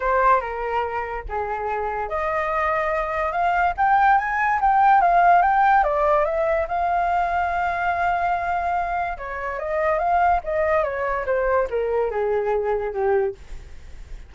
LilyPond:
\new Staff \with { instrumentName = "flute" } { \time 4/4 \tempo 4 = 144 c''4 ais'2 gis'4~ | gis'4 dis''2. | f''4 g''4 gis''4 g''4 | f''4 g''4 d''4 e''4 |
f''1~ | f''2 cis''4 dis''4 | f''4 dis''4 cis''4 c''4 | ais'4 gis'2 g'4 | }